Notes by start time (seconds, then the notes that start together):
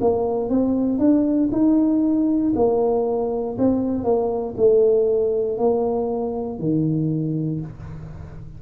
0.00 A#3
0.49 C4
0.98 D4
1.51 D#4
2.55 A#3
3.58 C4
4.04 A#3
4.57 A3
5.57 A#3
6.59 D#3